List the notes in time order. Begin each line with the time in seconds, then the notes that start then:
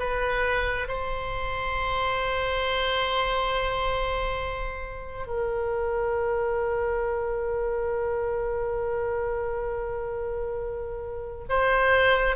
0.00 B4
0.88 C5
5.27 A#4
11.50 C5